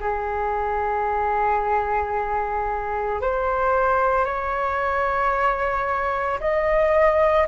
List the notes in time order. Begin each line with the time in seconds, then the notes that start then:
0.00 G#4
3.20 C5
4.25 C#5
6.40 D#5